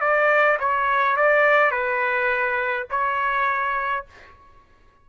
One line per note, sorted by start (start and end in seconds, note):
0.00 0.58 D5
0.59 1.16 C#5
1.16 1.71 D5
1.71 2.86 B4
2.90 4.05 C#5